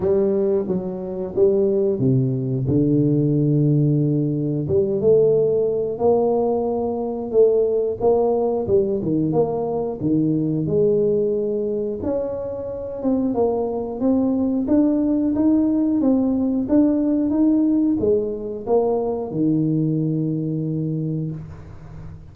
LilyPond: \new Staff \with { instrumentName = "tuba" } { \time 4/4 \tempo 4 = 90 g4 fis4 g4 c4 | d2. g8 a8~ | a4 ais2 a4 | ais4 g8 dis8 ais4 dis4 |
gis2 cis'4. c'8 | ais4 c'4 d'4 dis'4 | c'4 d'4 dis'4 gis4 | ais4 dis2. | }